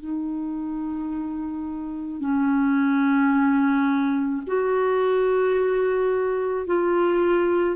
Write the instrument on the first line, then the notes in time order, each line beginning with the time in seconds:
clarinet
0.00 D#4
2.21 C#4
4.47 F#4
6.67 F4